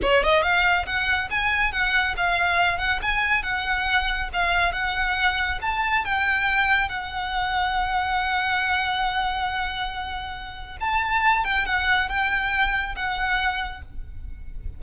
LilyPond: \new Staff \with { instrumentName = "violin" } { \time 4/4 \tempo 4 = 139 cis''8 dis''8 f''4 fis''4 gis''4 | fis''4 f''4. fis''8 gis''4 | fis''2 f''4 fis''4~ | fis''4 a''4 g''2 |
fis''1~ | fis''1~ | fis''4 a''4. g''8 fis''4 | g''2 fis''2 | }